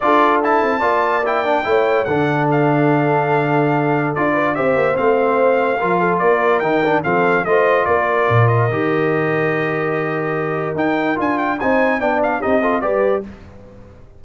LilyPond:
<<
  \new Staff \with { instrumentName = "trumpet" } { \time 4/4 \tempo 4 = 145 d''4 a''2 g''4~ | g''4 fis''4 f''2~ | f''2 d''4 e''4 | f''2. d''4 |
g''4 f''4 dis''4 d''4~ | d''8 dis''2.~ dis''8~ | dis''2 g''4 gis''8 g''8 | gis''4 g''8 f''8 dis''4 d''4 | }
  \new Staff \with { instrumentName = "horn" } { \time 4/4 a'2 d''2 | cis''4 a'2.~ | a'2~ a'8 b'8 c''4~ | c''2 ais'8 a'8 ais'4~ |
ais'4 a'4 c''4 ais'4~ | ais'1~ | ais'1 | c''4 d''4 g'8 a'8 b'4 | }
  \new Staff \with { instrumentName = "trombone" } { \time 4/4 f'4 e'4 f'4 e'8 d'8 | e'4 d'2.~ | d'2 f'4 g'4 | c'2 f'2 |
dis'8 d'8 c'4 f'2~ | f'4 g'2.~ | g'2 dis'4 f'4 | dis'4 d'4 dis'8 f'8 g'4 | }
  \new Staff \with { instrumentName = "tuba" } { \time 4/4 d'4. c'8 ais2 | a4 d2.~ | d2 d'4 c'8 ais8 | a2 f4 ais4 |
dis4 f4 a4 ais4 | ais,4 dis2.~ | dis2 dis'4 d'4 | c'4 b4 c'4 g4 | }
>>